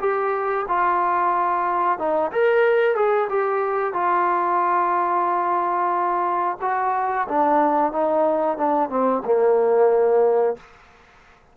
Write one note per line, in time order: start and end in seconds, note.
0.00 0.66 G4
0.68 1.98 F4
1.98 2.31 D#4
2.32 2.95 A#4
2.95 3.28 G#4
3.29 3.94 G4
3.94 6.57 F4
6.61 7.27 F#4
7.28 7.92 D4
7.92 8.57 D#4
8.57 8.90 D4
8.90 9.22 C4
9.25 10.57 A#3